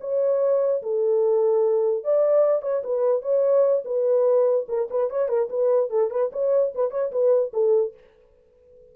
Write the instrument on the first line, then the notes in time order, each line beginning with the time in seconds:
horn
0.00 C#5
0.82 A4
2.04 D5
2.62 C#5
2.83 B4
3.22 C#5
3.84 B4
4.68 A#4
4.90 B4
5.10 C#5
5.28 A#4
5.49 B4
5.90 A4
6.10 B4
6.32 C#5
6.75 B4
6.90 C#5
7.12 B4
7.53 A4